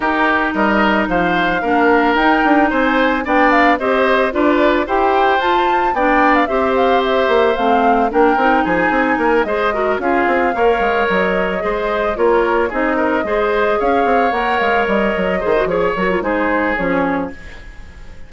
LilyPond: <<
  \new Staff \with { instrumentName = "flute" } { \time 4/4 \tempo 4 = 111 ais'4 dis''4 f''2 | g''4 gis''4 g''8 f''8 dis''4 | d''4 g''4 a''4 g''8. f''16 | e''8 f''8 e''4 f''4 g''4 |
gis''4. dis''4 f''4.~ | f''8 dis''2 cis''4 dis''8~ | dis''4. f''4 fis''8 f''8 dis''8~ | dis''4 cis''8 ais'8 c''4 cis''4 | }
  \new Staff \with { instrumentName = "oboe" } { \time 4/4 g'4 ais'4 c''4 ais'4~ | ais'4 c''4 d''4 c''4 | b'4 c''2 d''4 | c''2. ais'4 |
gis'4 ais'8 c''8 ais'8 gis'4 cis''8~ | cis''4. c''4 ais'4 gis'8 | ais'8 c''4 cis''2~ cis''8~ | cis''8 c''8 cis''4 gis'2 | }
  \new Staff \with { instrumentName = "clarinet" } { \time 4/4 dis'2. d'4 | dis'2 d'4 g'4 | f'4 g'4 f'4 d'4 | g'2 c'4 d'8 dis'8~ |
dis'4. gis'8 fis'8 f'4 ais'8~ | ais'4. gis'4 f'4 dis'8~ | dis'8 gis'2 ais'4.~ | ais'8 gis'16 fis'16 gis'8 fis'16 f'16 dis'4 cis'4 | }
  \new Staff \with { instrumentName = "bassoon" } { \time 4/4 dis'4 g4 f4 ais4 | dis'8 d'8 c'4 b4 c'4 | d'4 e'4 f'4 b4 | c'4. ais8 a4 ais8 c'8 |
f8 c'8 ais8 gis4 cis'8 c'8 ais8 | gis8 fis4 gis4 ais4 c'8~ | c'8 gis4 cis'8 c'8 ais8 gis8 g8 | fis8 dis8 f8 fis8 gis4 f4 | }
>>